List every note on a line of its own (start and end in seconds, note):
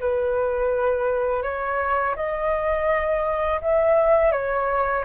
0.00 1.43 B4
1.43 2.16 C#5
2.17 3.61 D#5
3.62 4.32 E5
4.32 5.05 C#5